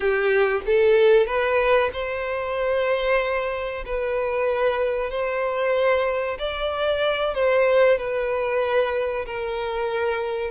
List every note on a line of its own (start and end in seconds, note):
0.00 0.61 G4
0.66 1.26 A4
1.26 1.90 B4
1.93 3.84 C5
3.85 5.10 B4
5.10 6.38 C5
6.39 7.34 D5
7.34 7.98 C5
7.98 9.26 B4
9.26 10.51 A#4